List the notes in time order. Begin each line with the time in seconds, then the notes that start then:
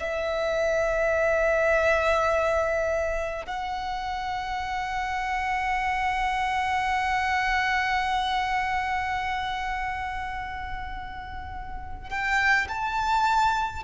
0.00 E5
3.47 F#5
12.10 G5
12.69 A5